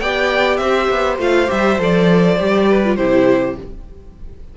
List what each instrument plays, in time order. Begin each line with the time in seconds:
0.00 cello B3, viola G4, violin D5 G5
0.57 cello C4, violin C5 E5
0.90 cello B3
1.19 cello A3, viola F4, violin F5
1.47 cello G3, viola G4, violin E5
1.79 cello F3, viola A4, violin D5
2.39 cello G3, viola G4
2.70 violin B4
2.85 viola F4
2.96 cello C3, viola E4, violin G4 C5